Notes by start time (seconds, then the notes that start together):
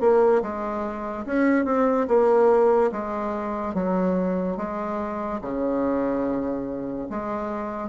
0.00 A#3
0.42 G#3
1.25 C#4
1.65 C4
2.08 A#3
2.92 G#3
3.74 F#3
4.57 G#3
5.41 C#3
7.09 G#3